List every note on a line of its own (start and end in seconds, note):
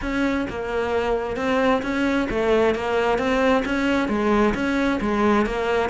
0.01 0.46 C#4
0.49 1.36 A#3
1.36 1.81 C4
1.82 2.27 C#4
2.30 2.74 A3
2.74 3.18 A#3
3.18 3.63 C4
3.65 4.08 C#4
4.08 4.53 G#3
4.54 4.99 C#4
5.00 5.45 G#3
5.45 5.89 A#3